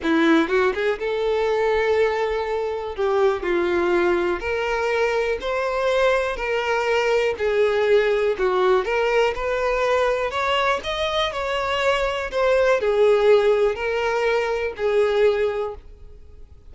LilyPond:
\new Staff \with { instrumentName = "violin" } { \time 4/4 \tempo 4 = 122 e'4 fis'8 gis'8 a'2~ | a'2 g'4 f'4~ | f'4 ais'2 c''4~ | c''4 ais'2 gis'4~ |
gis'4 fis'4 ais'4 b'4~ | b'4 cis''4 dis''4 cis''4~ | cis''4 c''4 gis'2 | ais'2 gis'2 | }